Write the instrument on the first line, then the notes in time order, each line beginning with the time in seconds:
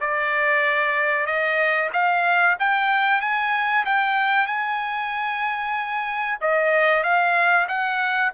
trumpet
0.00 D5
1.26 D#5
1.93 F5
2.59 G5
3.21 G#5
3.85 G5
4.47 G#5
6.41 D#5
7.03 F5
7.68 F#5